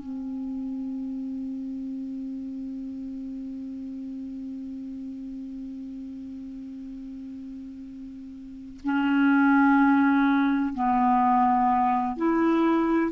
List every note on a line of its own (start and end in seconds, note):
0.00 8.81 C4
8.84 10.74 C#4
10.74 12.16 B3
12.17 13.12 E4